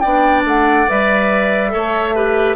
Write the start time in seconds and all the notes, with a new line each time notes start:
0.00 B3 D4 D5 G5
0.45 A3 F#5
0.88 G3 B4 E5
1.70 A3 A4 C#5
2.16 G4 B4